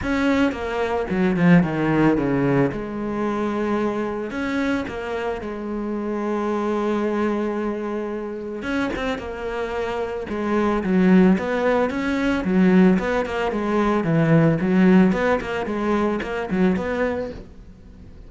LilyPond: \new Staff \with { instrumentName = "cello" } { \time 4/4 \tempo 4 = 111 cis'4 ais4 fis8 f8 dis4 | cis4 gis2. | cis'4 ais4 gis2~ | gis1 |
cis'8 c'8 ais2 gis4 | fis4 b4 cis'4 fis4 | b8 ais8 gis4 e4 fis4 | b8 ais8 gis4 ais8 fis8 b4 | }